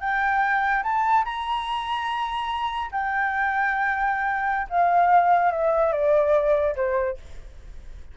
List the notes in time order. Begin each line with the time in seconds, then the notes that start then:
0.00 G5
0.83 A5
1.25 A#5
2.91 G5
4.69 F5
5.51 E5
5.92 D5
6.75 C5